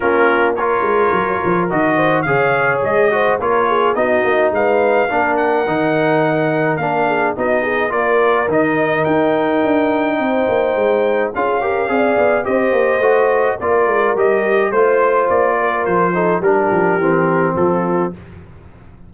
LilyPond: <<
  \new Staff \with { instrumentName = "trumpet" } { \time 4/4 \tempo 4 = 106 ais'4 cis''2 dis''4 | f''4 dis''4 cis''4 dis''4 | f''4. fis''2~ fis''8 | f''4 dis''4 d''4 dis''4 |
g''1 | f''2 dis''2 | d''4 dis''4 c''4 d''4 | c''4 ais'2 a'4 | }
  \new Staff \with { instrumentName = "horn" } { \time 4/4 f'4 ais'2~ ais'8 c''8 | cis''4. c''8 ais'8 gis'8 fis'4 | b'4 ais'2.~ | ais'8 gis'8 fis'8 gis'8 ais'2~ |
ais'2 c''2 | gis'8 ais'8 d''4 c''2 | ais'2 c''4. ais'8~ | ais'8 a'8 g'2 f'4 | }
  \new Staff \with { instrumentName = "trombone" } { \time 4/4 cis'4 f'2 fis'4 | gis'4. fis'8 f'4 dis'4~ | dis'4 d'4 dis'2 | d'4 dis'4 f'4 dis'4~ |
dis'1 | f'8 g'8 gis'4 g'4 fis'4 | f'4 g'4 f'2~ | f'8 dis'8 d'4 c'2 | }
  \new Staff \with { instrumentName = "tuba" } { \time 4/4 ais4. gis8 fis8 f8 dis4 | cis4 gis4 ais4 b8 ais8 | gis4 ais4 dis2 | ais4 b4 ais4 dis4 |
dis'4 d'4 c'8 ais8 gis4 | cis'4 c'8 b8 c'8 ais8 a4 | ais8 gis8 g4 a4 ais4 | f4 g8 f8 e4 f4 | }
>>